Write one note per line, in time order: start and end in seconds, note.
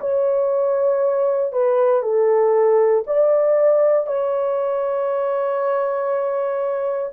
0.00 1.52 C#5
1.52 2.02 B4
2.02 3.04 A4
3.06 4.07 D5
4.07 7.12 C#5